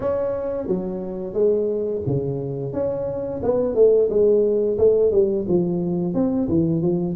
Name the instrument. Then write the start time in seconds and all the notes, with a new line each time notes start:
tuba
0.00 C#4
0.67 F#3
1.33 G#3
2.06 C#3
2.73 C#4
3.42 B3
3.74 A3
4.09 G#3
4.78 A3
5.11 G3
5.48 F3
6.14 C4
6.48 E3
6.82 F3